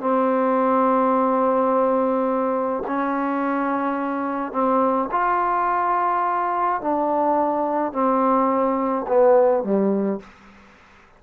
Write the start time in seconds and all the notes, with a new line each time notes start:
0.00 C4
2.87 C#4
4.52 C4
5.11 F4
6.81 D4
7.92 C4
9.07 B3
9.63 G3